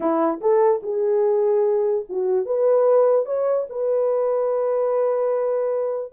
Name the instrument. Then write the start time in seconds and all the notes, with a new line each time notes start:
horn
0.00 E4
0.41 A4
0.82 G#4
2.09 F#4
2.45 B4
3.25 C#5
3.69 B4